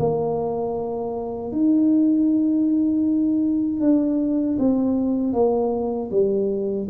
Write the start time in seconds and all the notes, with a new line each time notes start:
0.00 A#3
1.52 D#4
3.81 D4
4.59 C4
5.34 A#3
6.12 G3